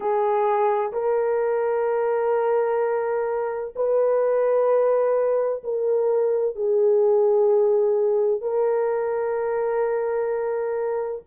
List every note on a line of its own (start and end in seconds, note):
0.00 0.92 G#4
0.92 3.73 A#4
3.75 5.62 B4
5.63 6.55 A#4
6.55 8.41 G#4
8.41 11.22 A#4